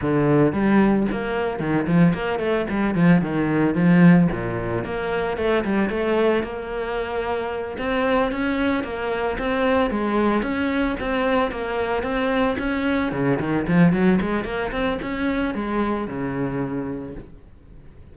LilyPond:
\new Staff \with { instrumentName = "cello" } { \time 4/4 \tempo 4 = 112 d4 g4 ais4 dis8 f8 | ais8 a8 g8 f8 dis4 f4 | ais,4 ais4 a8 g8 a4 | ais2~ ais8 c'4 cis'8~ |
cis'8 ais4 c'4 gis4 cis'8~ | cis'8 c'4 ais4 c'4 cis'8~ | cis'8 cis8 dis8 f8 fis8 gis8 ais8 c'8 | cis'4 gis4 cis2 | }